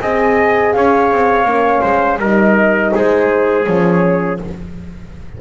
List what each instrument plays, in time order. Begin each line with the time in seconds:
0.00 double bass C4, horn G#4, trumpet D#5, flute G#5
0.73 double bass C#4, trumpet C#5, flute F5
1.11 double bass C4
1.45 double bass A#3, horn C#4
1.81 double bass G#3, trumpet C5
2.19 double bass G3, horn D#4, trumpet A#4, flute D#5
2.95 double bass G#3, trumpet G#4, flute C5
3.65 double bass F3, horn C#4, flute C#5